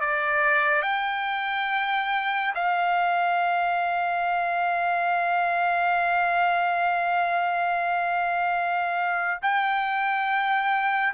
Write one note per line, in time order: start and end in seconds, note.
0.00 0.81 D5
0.81 2.53 G5
2.54 9.40 F5
9.41 11.13 G5